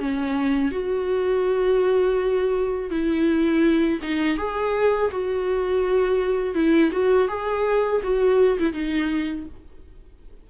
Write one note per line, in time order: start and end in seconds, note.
0.00 0.72 C#4
0.72 2.90 F#4
2.90 4.00 E4
4.03 4.38 D#4
4.38 5.11 G#4
5.12 6.55 F#4
6.55 6.91 E4
6.92 7.28 F#4
7.28 8.02 G#4
8.04 8.59 F#4
8.59 8.73 E4
8.73 9.47 D#4